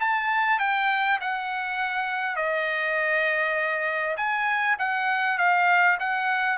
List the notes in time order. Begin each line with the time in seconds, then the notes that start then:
0.00 A5
0.59 G5
1.21 F#5
2.36 D#5
4.17 G#5
4.79 F#5
5.38 F5
6.00 F#5